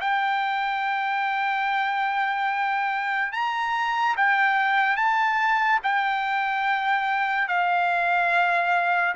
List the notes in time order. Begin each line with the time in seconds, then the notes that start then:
0.00 G5
3.32 A#5
4.16 G5
4.96 A5
5.83 G5
7.48 F5